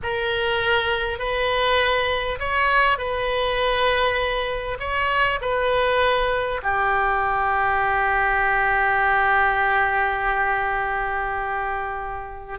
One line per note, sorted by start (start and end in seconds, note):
0.02 1.18 A#4
1.18 2.38 B4
2.39 2.98 C#5
2.98 4.78 B4
4.79 5.39 C#5
5.41 6.61 B4
6.62 12.59 G4